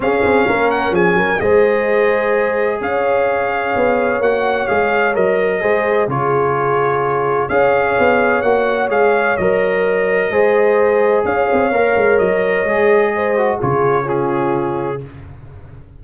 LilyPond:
<<
  \new Staff \with { instrumentName = "trumpet" } { \time 4/4 \tempo 4 = 128 f''4. fis''8 gis''4 dis''4~ | dis''2 f''2~ | f''4 fis''4 f''4 dis''4~ | dis''4 cis''2. |
f''2 fis''4 f''4 | dis''1 | f''2 dis''2~ | dis''4 cis''4 gis'2 | }
  \new Staff \with { instrumentName = "horn" } { \time 4/4 gis'4 ais'4 gis'8 ais'8 c''4~ | c''2 cis''2~ | cis''1 | c''4 gis'2. |
cis''1~ | cis''2 c''2 | cis''1 | c''4 gis'4 f'2 | }
  \new Staff \with { instrumentName = "trombone" } { \time 4/4 cis'2. gis'4~ | gis'1~ | gis'4 fis'4 gis'4 ais'4 | gis'4 f'2. |
gis'2 fis'4 gis'4 | ais'2 gis'2~ | gis'4 ais'2 gis'4~ | gis'8 fis'8 f'4 cis'2 | }
  \new Staff \with { instrumentName = "tuba" } { \time 4/4 cis'8 c'8 ais4 f8 fis8 gis4~ | gis2 cis'2 | b4 ais4 gis4 fis4 | gis4 cis2. |
cis'4 b4 ais4 gis4 | fis2 gis2 | cis'8 c'8 ais8 gis8 fis4 gis4~ | gis4 cis2. | }
>>